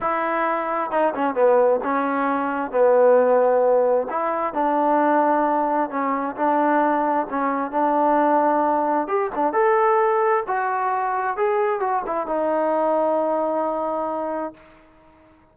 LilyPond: \new Staff \with { instrumentName = "trombone" } { \time 4/4 \tempo 4 = 132 e'2 dis'8 cis'8 b4 | cis'2 b2~ | b4 e'4 d'2~ | d'4 cis'4 d'2 |
cis'4 d'2. | g'8 d'8 a'2 fis'4~ | fis'4 gis'4 fis'8 e'8 dis'4~ | dis'1 | }